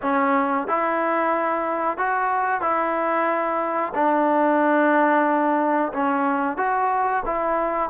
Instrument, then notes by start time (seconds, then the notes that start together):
trombone
0.01 C#4
0.67 E4
1.98 F#4
2.61 E4
3.94 D4
5.93 C#4
6.57 F#4
7.25 E4